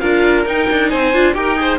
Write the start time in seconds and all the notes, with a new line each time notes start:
0.00 D4 F4 A#4 F5
0.46 D#4 G5
0.71 D4
0.90 C4 C5 G#5
1.14 D4 F4
1.34 D#4 G4 A#4 G5
1.56 G#4 C5